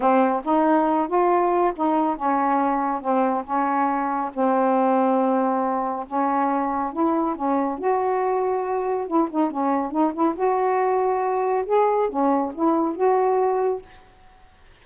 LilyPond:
\new Staff \with { instrumentName = "saxophone" } { \time 4/4 \tempo 4 = 139 c'4 dis'4. f'4. | dis'4 cis'2 c'4 | cis'2 c'2~ | c'2 cis'2 |
e'4 cis'4 fis'2~ | fis'4 e'8 dis'8 cis'4 dis'8 e'8 | fis'2. gis'4 | cis'4 e'4 fis'2 | }